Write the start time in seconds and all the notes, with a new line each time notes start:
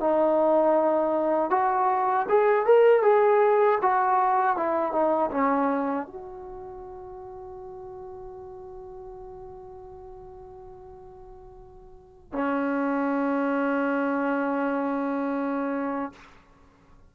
0.00 D#4
1.50 F#4
2.29 G#4
2.66 A#4
3.02 G#4
3.82 F#4
4.56 E4
4.92 D#4
5.31 C#4
6.07 F#4
12.32 C#4